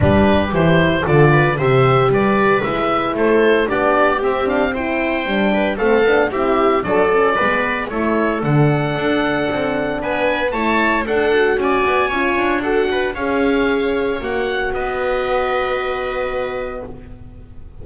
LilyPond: <<
  \new Staff \with { instrumentName = "oboe" } { \time 4/4 \tempo 4 = 114 b'4 c''4 d''4 e''4 | d''4 e''4 c''4 d''4 | e''8 f''8 g''2 f''4 | e''4 d''2 cis''4 |
fis''2. gis''4 | a''4 fis''4 gis''2 | fis''4 f''2 fis''4 | dis''1 | }
  \new Staff \with { instrumentName = "viola" } { \time 4/4 g'2 a'8 b'8 c''4 | b'2 a'4 g'4~ | g'4 c''4. b'8 a'4 | g'4 a'4 b'4 a'4~ |
a'2. b'4 | cis''4 a'4 d''4 cis''4 | a'8 b'8 cis''2. | b'1 | }
  \new Staff \with { instrumentName = "horn" } { \time 4/4 d'4 e'4 f'4 g'4~ | g'4 e'2 d'4 | c'8 d'8 e'4 d'4 c'8 d'8 | e'4 d'8 cis'8 b4 e'4 |
d'1 | e'4 d'8 fis'4. f'4 | fis'4 gis'2 fis'4~ | fis'1 | }
  \new Staff \with { instrumentName = "double bass" } { \time 4/4 g4 e4 d4 c4 | g4 gis4 a4 b4 | c'2 g4 a8 b8 | c'4 fis4 gis4 a4 |
d4 d'4 c'4 b4 | a4 d'4 cis'8 b8 cis'8 d'8~ | d'4 cis'2 ais4 | b1 | }
>>